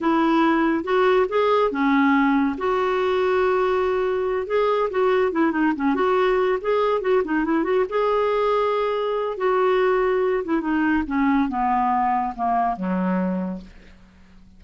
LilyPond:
\new Staff \with { instrumentName = "clarinet" } { \time 4/4 \tempo 4 = 141 e'2 fis'4 gis'4 | cis'2 fis'2~ | fis'2~ fis'8 gis'4 fis'8~ | fis'8 e'8 dis'8 cis'8 fis'4. gis'8~ |
gis'8 fis'8 dis'8 e'8 fis'8 gis'4.~ | gis'2 fis'2~ | fis'8 e'8 dis'4 cis'4 b4~ | b4 ais4 fis2 | }